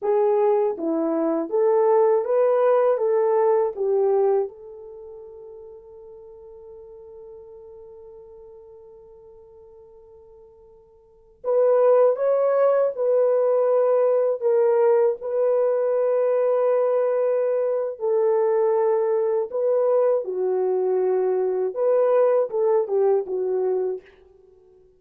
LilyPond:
\new Staff \with { instrumentName = "horn" } { \time 4/4 \tempo 4 = 80 gis'4 e'4 a'4 b'4 | a'4 g'4 a'2~ | a'1~ | a'2.~ a'16 b'8.~ |
b'16 cis''4 b'2 ais'8.~ | ais'16 b'2.~ b'8. | a'2 b'4 fis'4~ | fis'4 b'4 a'8 g'8 fis'4 | }